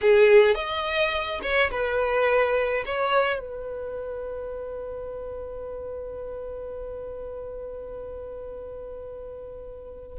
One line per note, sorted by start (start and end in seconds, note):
0.01 0.55 G#4
0.55 1.39 D#5
1.42 1.70 C#5
1.71 2.84 B4
2.85 3.39 C#5
3.39 10.18 B4